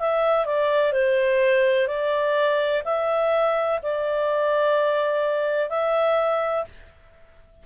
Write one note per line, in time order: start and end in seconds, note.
0.00 0.45 E5
0.45 0.93 D5
0.93 1.87 C5
1.87 2.83 D5
2.84 3.80 E5
3.83 5.69 D5
5.69 6.65 E5